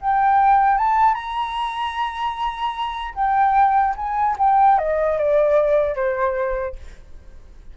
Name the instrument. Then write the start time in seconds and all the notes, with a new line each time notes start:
flute
0.00 G5
0.78 A5
1.14 A#5
3.14 G5
3.96 G#5
4.38 G5
4.78 D#5
5.18 D5
5.95 C5